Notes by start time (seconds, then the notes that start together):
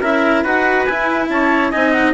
0.00 C#4 E4 A#4 E5
0.43 D#4 F#4 B4 F#5
0.84 E4 G#5
1.29 C#4 C#5 A5
1.71 C4 D#4 D#5 G#5
1.92 F#5